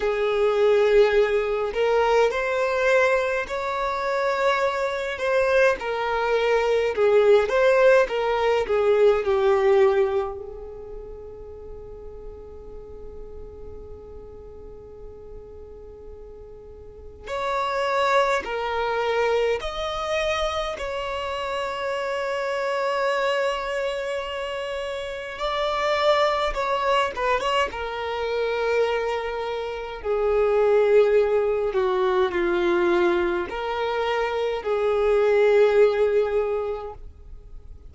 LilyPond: \new Staff \with { instrumentName = "violin" } { \time 4/4 \tempo 4 = 52 gis'4. ais'8 c''4 cis''4~ | cis''8 c''8 ais'4 gis'8 c''8 ais'8 gis'8 | g'4 gis'2.~ | gis'2. cis''4 |
ais'4 dis''4 cis''2~ | cis''2 d''4 cis''8 b'16 cis''16 | ais'2 gis'4. fis'8 | f'4 ais'4 gis'2 | }